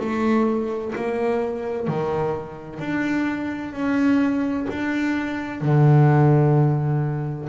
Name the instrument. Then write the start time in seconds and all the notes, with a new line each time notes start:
double bass
0.00 A3
0.96 A#3
1.87 D#3
2.80 D4
3.73 C#4
4.70 D4
5.61 D3